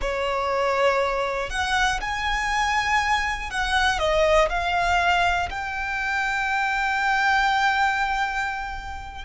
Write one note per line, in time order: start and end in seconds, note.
0.01 1.50 C#5
1.50 2.00 F#5
2.00 3.50 G#5
3.50 3.99 F#5
3.99 4.49 D#5
4.49 5.49 F5
5.50 9.25 G5